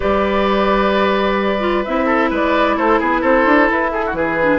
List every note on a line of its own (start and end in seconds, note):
0.00 1.87 G3
0.00 1.60 G4
0.00 2.06 B4
0.00 1.84 D5
1.60 1.83 F4
1.84 2.30 C4
1.84 4.40 E4
1.84 2.30 E5
2.06 2.29 A4
2.30 2.76 G#3
2.30 2.76 B4
2.30 2.77 D5
2.76 2.99 A3
2.76 2.99 A4
2.76 3.01 C5
2.99 3.22 B3
2.99 3.21 G#4
2.99 3.24 B4
3.21 3.45 C4
3.21 3.90 A4
3.21 3.70 C5
3.45 3.68 D4
3.70 4.13 E4
3.70 3.90 B4
3.90 4.04 G#4
3.90 4.14 A4
4.06 4.16 F#4
4.13 4.59 E3
4.13 4.59 G#4
4.13 4.59 B4
4.41 4.59 D4